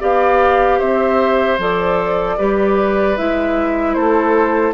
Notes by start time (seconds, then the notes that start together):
0.00 B3 G4 D5 F5
0.78 C4 C5 E5
1.58 F3 A4 D5
2.38 G3 G4 B4
3.17 G#3 E4 E5
3.94 A3 A4 C5